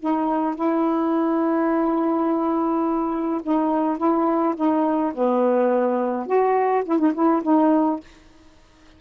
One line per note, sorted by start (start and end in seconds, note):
0.00 0.56 D#4
0.56 3.41 E4
3.43 3.98 D#4
3.98 4.55 E4
4.56 5.13 D#4
5.15 6.27 B3
6.27 6.84 F#4
6.86 6.99 E4
6.99 7.13 D#4
7.14 7.43 E4
7.43 8.00 D#4